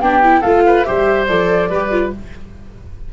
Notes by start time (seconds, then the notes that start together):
0.00 B3 D4 G4 G5
0.23 E4
0.41 A3 F4 A4 F5
0.67 B4
0.84 G3 G4 C5 E5
1.27 F3 A4 D5
1.70 G3 G4 B4
1.91 F4